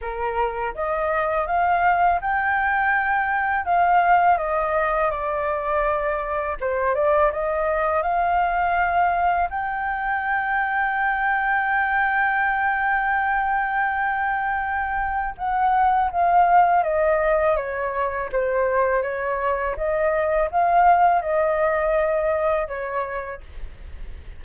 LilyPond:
\new Staff \with { instrumentName = "flute" } { \time 4/4 \tempo 4 = 82 ais'4 dis''4 f''4 g''4~ | g''4 f''4 dis''4 d''4~ | d''4 c''8 d''8 dis''4 f''4~ | f''4 g''2.~ |
g''1~ | g''4 fis''4 f''4 dis''4 | cis''4 c''4 cis''4 dis''4 | f''4 dis''2 cis''4 | }